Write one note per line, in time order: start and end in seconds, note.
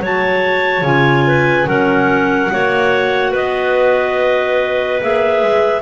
0.00 0.82 F#3
0.00 0.85 F#4
0.00 1.27 C#5
0.00 0.85 A5
0.82 1.65 C#3
0.82 1.66 F4
0.82 1.68 G#5
1.27 1.68 B4
1.66 2.50 F#3
1.66 2.50 C#4
1.66 2.52 A#4
1.66 3.34 F#5
2.51 3.35 A#3
2.51 5.01 F#4
2.51 3.31 C#5
3.31 5.01 B3
3.31 5.81 B4
3.31 5.02 D#5
5.01 5.43 A#3
5.01 5.82 G#4
5.01 5.82 E5
5.43 5.82 G#3